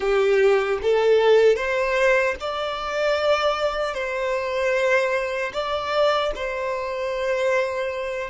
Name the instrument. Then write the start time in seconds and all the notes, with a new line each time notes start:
violin
0.00 G4
0.81 A4
1.56 C5
2.40 D5
3.94 C5
5.53 D5
6.35 C5